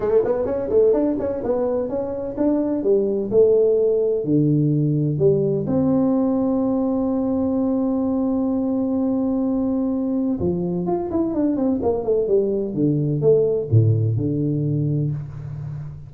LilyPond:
\new Staff \with { instrumentName = "tuba" } { \time 4/4 \tempo 4 = 127 a8 b8 cis'8 a8 d'8 cis'8 b4 | cis'4 d'4 g4 a4~ | a4 d2 g4 | c'1~ |
c'1~ | c'2 f4 f'8 e'8 | d'8 c'8 ais8 a8 g4 d4 | a4 a,4 d2 | }